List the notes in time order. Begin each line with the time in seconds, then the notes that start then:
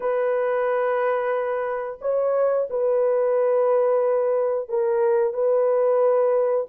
0.00 B4
2.01 C#5
2.70 B4
4.68 A#4
5.33 B4